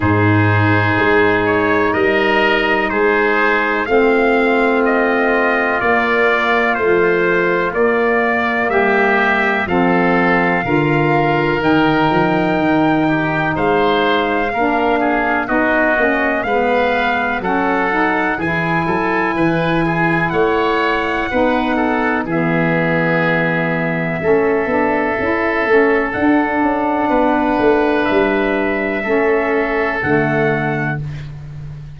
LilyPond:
<<
  \new Staff \with { instrumentName = "trumpet" } { \time 4/4 \tempo 4 = 62 c''4. cis''8 dis''4 c''4 | f''4 dis''4 d''4 c''4 | d''4 e''4 f''2 | g''2 f''2 |
dis''4 f''4 fis''4 gis''4~ | gis''4 fis''2 e''4~ | e''2. fis''4~ | fis''4 e''2 fis''4 | }
  \new Staff \with { instrumentName = "oboe" } { \time 4/4 gis'2 ais'4 gis'4 | f'1~ | f'4 g'4 a'4 ais'4~ | ais'4. g'8 c''4 ais'8 gis'8 |
fis'4 b'4 a'4 gis'8 a'8 | b'8 gis'8 cis''4 b'8 a'8 gis'4~ | gis'4 a'2. | b'2 a'2 | }
  \new Staff \with { instrumentName = "saxophone" } { \time 4/4 dis'1 | c'2 ais4 f4 | ais2 c'4 f'4 | dis'2. d'4 |
dis'8 cis'8 b4 cis'8 dis'8 e'4~ | e'2 dis'4 b4~ | b4 cis'8 d'8 e'8 cis'8 d'4~ | d'2 cis'4 a4 | }
  \new Staff \with { instrumentName = "tuba" } { \time 4/4 gis,4 gis4 g4 gis4 | a2 ais4 a4 | ais4 g4 f4 d4 | dis8 f8 dis4 gis4 ais4 |
b8 ais8 gis4 fis4 e8 fis8 | e4 a4 b4 e4~ | e4 a8 b8 cis'8 a8 d'8 cis'8 | b8 a8 g4 a4 d4 | }
>>